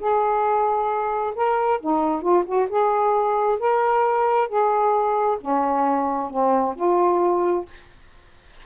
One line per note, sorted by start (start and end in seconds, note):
0.00 1.34 G#4
1.36 1.81 A#4
1.81 2.22 D#4
2.22 2.44 F4
2.46 2.69 F#4
2.70 3.59 G#4
3.60 4.49 A#4
4.49 5.38 G#4
5.41 6.31 C#4
6.31 6.75 C4
6.76 7.66 F4